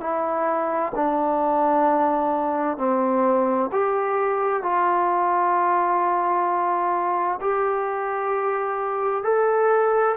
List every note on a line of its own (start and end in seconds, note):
0.00 0.92 E4
0.95 2.77 D4
2.77 3.70 C4
3.72 4.62 G4
4.62 7.39 F4
7.41 9.23 G4
9.23 10.15 A4